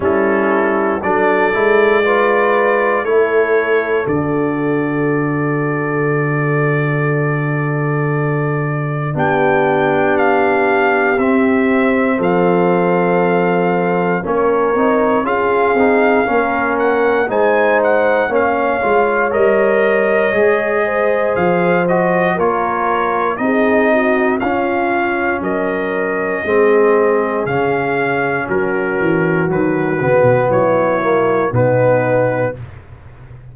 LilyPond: <<
  \new Staff \with { instrumentName = "trumpet" } { \time 4/4 \tempo 4 = 59 a'4 d''2 cis''4 | d''1~ | d''4 g''4 f''4 e''4 | f''2 cis''4 f''4~ |
f''8 fis''8 gis''8 fis''8 f''4 dis''4~ | dis''4 f''8 dis''8 cis''4 dis''4 | f''4 dis''2 f''4 | ais'4 b'4 cis''4 b'4 | }
  \new Staff \with { instrumentName = "horn" } { \time 4/4 e'4 a'4 b'4 a'4~ | a'1~ | a'4 g'2. | a'2 ais'4 gis'4 |
ais'4 c''4 cis''2~ | cis''8 c''4. ais'4 gis'8 fis'8 | f'4 ais'4 gis'2 | fis'2 e'4 dis'4 | }
  \new Staff \with { instrumentName = "trombone" } { \time 4/4 cis'4 d'8 e'8 f'4 e'4 | fis'1~ | fis'4 d'2 c'4~ | c'2 cis'8 dis'8 f'8 dis'8 |
cis'4 dis'4 cis'8 f'8 ais'4 | gis'4. fis'8 f'4 dis'4 | cis'2 c'4 cis'4~ | cis'4 fis8 b4 ais8 b4 | }
  \new Staff \with { instrumentName = "tuba" } { \time 4/4 g4 fis8 gis4. a4 | d1~ | d4 b2 c'4 | f2 ais8 c'8 cis'8 c'8 |
ais4 gis4 ais8 gis8 g4 | gis4 f4 ais4 c'4 | cis'4 fis4 gis4 cis4 | fis8 e8 dis8 cis16 b,16 fis4 b,4 | }
>>